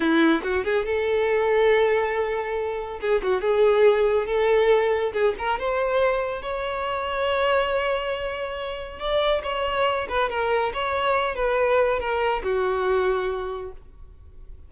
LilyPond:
\new Staff \with { instrumentName = "violin" } { \time 4/4 \tempo 4 = 140 e'4 fis'8 gis'8 a'2~ | a'2. gis'8 fis'8 | gis'2 a'2 | gis'8 ais'8 c''2 cis''4~ |
cis''1~ | cis''4 d''4 cis''4. b'8 | ais'4 cis''4. b'4. | ais'4 fis'2. | }